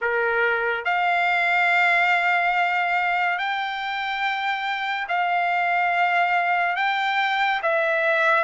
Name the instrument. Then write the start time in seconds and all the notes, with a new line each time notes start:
trumpet
0.01 A#4
0.85 F5
3.38 G5
5.08 F5
6.76 G5
7.62 E5